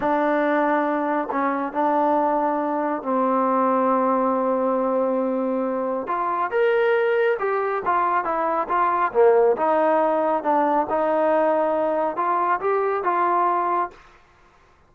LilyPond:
\new Staff \with { instrumentName = "trombone" } { \time 4/4 \tempo 4 = 138 d'2. cis'4 | d'2. c'4~ | c'1~ | c'2 f'4 ais'4~ |
ais'4 g'4 f'4 e'4 | f'4 ais4 dis'2 | d'4 dis'2. | f'4 g'4 f'2 | }